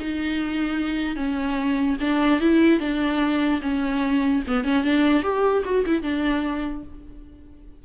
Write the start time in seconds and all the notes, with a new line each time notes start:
0.00 D#4
1.16 C#4
2.00 D4
2.40 E4
2.80 D4
3.62 C#4
4.47 B3
4.64 C#4
4.83 D4
5.23 G4
5.64 F#4
5.86 E4
6.02 D4